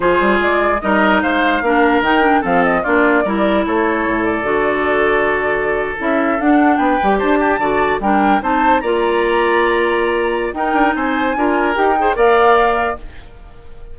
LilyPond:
<<
  \new Staff \with { instrumentName = "flute" } { \time 4/4 \tempo 4 = 148 c''4 d''4 dis''4 f''4~ | f''4 g''4 f''8 dis''8 d''4~ | d''4 cis''4. d''4.~ | d''2~ d''8. e''4 fis''16~ |
fis''8. g''4 a''2 g''16~ | g''8. a''4 ais''2~ ais''16~ | ais''2 g''4 gis''4~ | gis''4 g''4 f''2 | }
  \new Staff \with { instrumentName = "oboe" } { \time 4/4 gis'2 ais'4 c''4 | ais'2 a'4 f'4 | ais'4 a'2.~ | a'1~ |
a'8. b'4 c''8 g'8 d''4 ais'16~ | ais'8. c''4 d''2~ d''16~ | d''2 ais'4 c''4 | ais'4. c''8 d''2 | }
  \new Staff \with { instrumentName = "clarinet" } { \time 4/4 f'2 dis'2 | d'4 dis'8 d'8 c'4 d'4 | e'2. fis'4~ | fis'2~ fis'8. e'4 d'16~ |
d'4~ d'16 g'4. fis'4 d'16~ | d'8. dis'4 f'2~ f'16~ | f'2 dis'2 | f'4 g'8 gis'8 ais'2 | }
  \new Staff \with { instrumentName = "bassoon" } { \time 4/4 f8 g8 gis4 g4 gis4 | ais4 dis4 f4 ais4 | g4 a4 a,4 d4~ | d2~ d8. cis'4 d'16~ |
d'8. b8 g8 d'4 d4 g16~ | g8. c'4 ais2~ ais16~ | ais2 dis'8 d'8 c'4 | d'4 dis'4 ais2 | }
>>